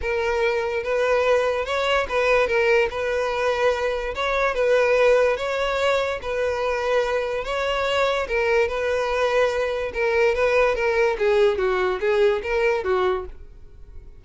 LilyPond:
\new Staff \with { instrumentName = "violin" } { \time 4/4 \tempo 4 = 145 ais'2 b'2 | cis''4 b'4 ais'4 b'4~ | b'2 cis''4 b'4~ | b'4 cis''2 b'4~ |
b'2 cis''2 | ais'4 b'2. | ais'4 b'4 ais'4 gis'4 | fis'4 gis'4 ais'4 fis'4 | }